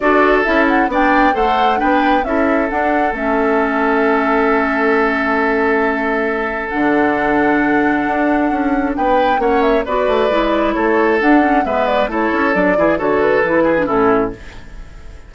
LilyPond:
<<
  \new Staff \with { instrumentName = "flute" } { \time 4/4 \tempo 4 = 134 d''4 e''8 fis''8 g''4 fis''4 | g''4 e''4 fis''4 e''4~ | e''1~ | e''2. fis''4~ |
fis''1 | g''4 fis''8 e''8 d''2 | cis''4 fis''4 e''8 d''8 cis''4 | d''4 cis''8 b'4. a'4 | }
  \new Staff \with { instrumentName = "oboe" } { \time 4/4 a'2 d''4 c''4 | b'4 a'2.~ | a'1~ | a'1~ |
a'1 | b'4 cis''4 b'2 | a'2 b'4 a'4~ | a'8 gis'8 a'4. gis'8 e'4 | }
  \new Staff \with { instrumentName = "clarinet" } { \time 4/4 fis'4 e'4 d'4 a'4 | d'4 e'4 d'4 cis'4~ | cis'1~ | cis'2. d'4~ |
d'1~ | d'4 cis'4 fis'4 e'4~ | e'4 d'8 cis'8 b4 e'4 | d'8 e'8 fis'4 e'8. d'16 cis'4 | }
  \new Staff \with { instrumentName = "bassoon" } { \time 4/4 d'4 cis'4 b4 a4 | b4 cis'4 d'4 a4~ | a1~ | a2. d4~ |
d2 d'4 cis'4 | b4 ais4 b8 a8 gis4 | a4 d'4 gis4 a8 cis'8 | fis8 e8 d4 e4 a,4 | }
>>